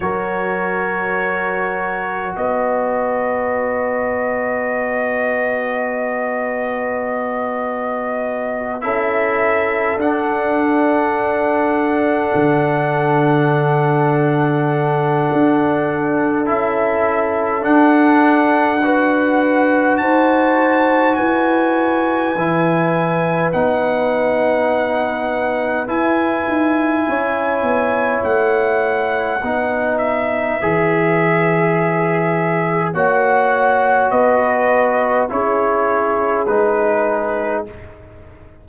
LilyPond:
<<
  \new Staff \with { instrumentName = "trumpet" } { \time 4/4 \tempo 4 = 51 cis''2 dis''2~ | dis''2.~ dis''8 e''8~ | e''8 fis''2.~ fis''8~ | fis''2 e''4 fis''4~ |
fis''4 a''4 gis''2 | fis''2 gis''2 | fis''4. e''2~ e''8 | fis''4 dis''4 cis''4 b'4 | }
  \new Staff \with { instrumentName = "horn" } { \time 4/4 ais'2 b'2~ | b'2.~ b'8 a'8~ | a'1~ | a'1 |
b'4 c''4 b'2~ | b'2. cis''4~ | cis''4 b'2. | cis''4 b'4 gis'2 | }
  \new Staff \with { instrumentName = "trombone" } { \time 4/4 fis'1~ | fis'2.~ fis'8 e'8~ | e'8 d'2.~ d'8~ | d'2 e'4 d'4 |
fis'2. e'4 | dis'2 e'2~ | e'4 dis'4 gis'2 | fis'2 e'4 dis'4 | }
  \new Staff \with { instrumentName = "tuba" } { \time 4/4 fis2 b2~ | b2.~ b8 cis'8~ | cis'8 d'2 d4.~ | d4 d'4 cis'4 d'4~ |
d'4 dis'4 e'4 e4 | b2 e'8 dis'8 cis'8 b8 | a4 b4 e2 | ais4 b4 cis'4 gis4 | }
>>